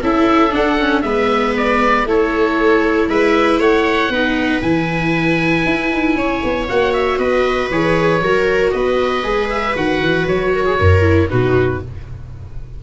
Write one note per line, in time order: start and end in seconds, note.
0.00 0.53 C#4
0.00 0.50 E4
0.00 1.03 A4
0.00 0.54 E5
0.50 0.75 D4
0.50 1.03 D4
0.50 1.01 F#5
0.79 1.03 C#4
1.01 2.04 G#3
1.01 2.05 B3
1.01 2.07 B4
1.01 1.52 E5
1.56 2.07 D5
2.04 3.07 A3
2.04 4.12 E4
2.04 3.09 A4
2.04 3.09 C#5
3.07 3.58 G#3
3.07 3.60 B4
3.07 3.60 E5
3.58 4.09 A3
3.58 4.10 C#5
3.58 4.61 F#5
4.09 4.60 B3
4.09 4.62 D#4
4.09 6.15 B4
4.61 5.64 E3
4.61 6.67 E4
4.61 6.66 G#5
5.65 5.91 E4
5.91 6.15 D#4
6.15 6.40 C#4
6.15 7.19 C#5
6.43 6.69 B3
6.68 7.17 A#3
6.68 7.71 F#4
6.68 6.93 F#5
6.93 7.18 E5
7.17 7.69 B3
7.17 8.21 B4
7.17 7.69 D#5
7.70 8.20 E3
7.70 8.23 G#4
7.70 8.71 C#5
8.20 8.71 F#3
8.20 9.23 F#4
8.20 8.74 A#4
8.71 9.23 B3
8.71 10.54 B4
8.71 9.48 D#5
9.23 9.75 G#3
9.23 9.74 G#4
9.49 9.75 E5
9.75 10.00 D#3
9.75 11.01 F#4
9.75 10.27 F#5
10.00 10.26 E3
10.27 10.78 F#3
10.27 11.29 C#5
10.54 10.65 A#4
10.65 10.78 G#4
10.79 11.31 F#2
10.79 11.30 A#4
11.01 11.27 E4
11.29 11.83 B2
11.29 11.80 D#4
11.29 11.81 F#4
11.29 11.80 B4